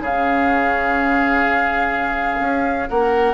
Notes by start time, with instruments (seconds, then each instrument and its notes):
0.00 bassoon C#3, clarinet C#4, oboe G#4, flute F5
2.40 bassoon C#4
2.90 bassoon A#3, oboe A#4, flute F#5